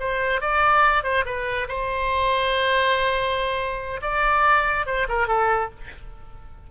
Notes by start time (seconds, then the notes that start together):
0.00 C5
0.41 D5
1.04 C5
1.25 B4
1.68 C5
4.02 D5
4.86 C5
5.08 A#4
5.27 A4